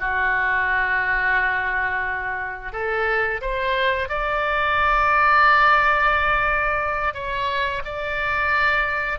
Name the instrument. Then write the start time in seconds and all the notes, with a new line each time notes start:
oboe
0.00 F#4
2.73 A4
3.42 C5
4.09 D5
7.14 C#5
7.85 D5